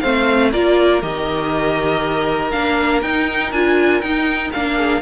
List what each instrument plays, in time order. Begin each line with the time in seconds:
0.00 cello A3, viola C4, violin C5 F5
0.51 cello A#3, viola F4, violin A#4 D5
1.01 cello D#3, viola G4, violin D#5
2.51 cello A#3, viola D4, violin F5
3.02 cello D#4, viola D#4, violin G5
3.52 cello D4, viola F4, violin G#5
4.01 viola D#4, cello D#4, violin G5
4.52 cello A#3, viola D4, violin F5
4.75 violin G#4